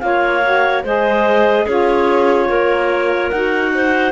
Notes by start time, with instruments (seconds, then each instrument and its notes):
0.00 cello A#3, saxophone F4, clarinet C#5 F5
0.43 saxophone F#4
0.84 cello G#3, saxophone G#4, clarinet C5 D#5
1.64 cello C#4, saxophone F4, clarinet G#4 C#5
2.49 cello A#3, clarinet A#4
3.30 cello D#4, saxophone F#4, clarinet F#5
3.75 clarinet C5